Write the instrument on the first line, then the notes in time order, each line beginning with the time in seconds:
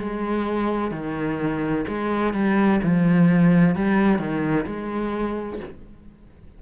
cello
0.00 G#3
0.91 D#3
1.88 G#3
2.34 G3
2.83 F3
3.75 G3
4.19 D#3
4.66 G#3